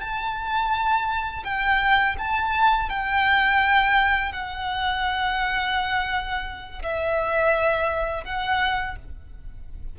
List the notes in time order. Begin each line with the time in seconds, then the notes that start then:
0.00 A5
1.44 G5
2.18 A5
2.89 G5
4.32 F#5
6.82 E5
8.24 F#5